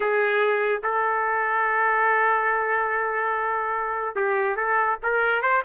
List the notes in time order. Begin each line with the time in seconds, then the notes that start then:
0.00 G#4
0.83 A4
4.15 G4
4.56 A4
5.02 A#4
5.42 C5